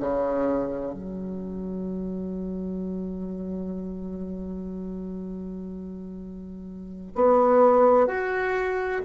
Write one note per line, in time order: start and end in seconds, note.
0.00 0.93 C#3
0.93 7.12 F#3
7.15 8.07 B3
8.07 9.02 F#4